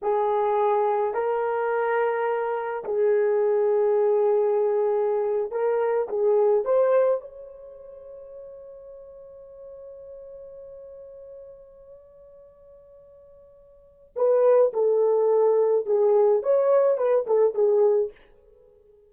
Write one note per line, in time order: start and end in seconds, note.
0.02 1.14 G#4
1.14 2.84 A#4
2.84 5.51 G#4
5.51 6.07 A#4
6.08 6.64 G#4
6.64 7.20 C5
7.20 14.14 C#5
14.16 14.72 B4
14.73 15.86 A4
15.86 16.42 G#4
16.43 16.97 C#5
16.97 17.25 B4
17.26 17.54 A4
17.54 18.11 G#4